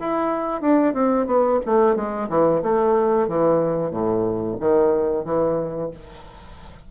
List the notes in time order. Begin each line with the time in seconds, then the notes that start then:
0.00 E4
0.61 D4
0.94 C4
1.27 B3
1.66 A3
1.96 G#3
2.30 E3
2.63 A3
3.28 E3
3.91 A2
4.60 D#3
5.25 E3